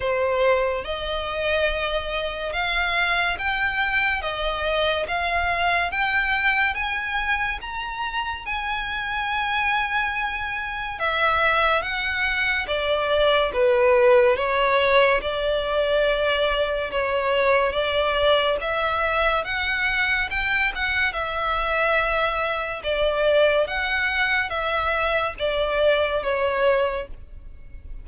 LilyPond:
\new Staff \with { instrumentName = "violin" } { \time 4/4 \tempo 4 = 71 c''4 dis''2 f''4 | g''4 dis''4 f''4 g''4 | gis''4 ais''4 gis''2~ | gis''4 e''4 fis''4 d''4 |
b'4 cis''4 d''2 | cis''4 d''4 e''4 fis''4 | g''8 fis''8 e''2 d''4 | fis''4 e''4 d''4 cis''4 | }